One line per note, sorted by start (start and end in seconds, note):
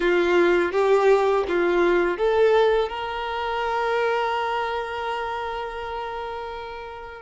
0.00 0.72 F4
0.72 1.44 G4
1.48 2.17 F4
2.17 2.88 A4
2.88 7.22 A#4